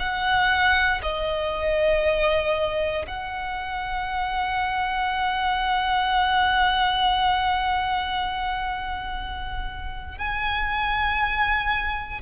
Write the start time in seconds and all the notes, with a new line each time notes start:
0.00 F#5
1.03 D#5
3.07 F#5
10.18 G#5